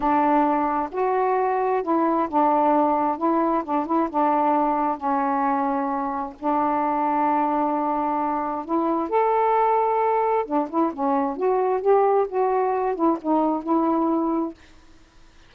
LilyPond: \new Staff \with { instrumentName = "saxophone" } { \time 4/4 \tempo 4 = 132 d'2 fis'2 | e'4 d'2 e'4 | d'8 e'8 d'2 cis'4~ | cis'2 d'2~ |
d'2. e'4 | a'2. d'8 e'8 | cis'4 fis'4 g'4 fis'4~ | fis'8 e'8 dis'4 e'2 | }